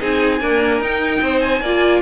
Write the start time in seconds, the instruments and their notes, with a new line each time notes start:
0.00 cello C4, viola D#4, violin G#4 G#5
0.40 viola A#3, cello D4, violin A#4
0.80 cello D#4, viola D#4, violin G5
1.22 cello C4, violin C5
1.40 violin G#5
1.61 cello A#3, viola F4, violin D5